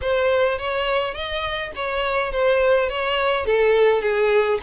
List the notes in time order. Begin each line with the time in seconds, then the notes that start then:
0.01 C5
0.58 C#5
1.14 D#5
1.75 C#5
2.32 C5
2.89 C#5
3.45 A4
4.01 G#4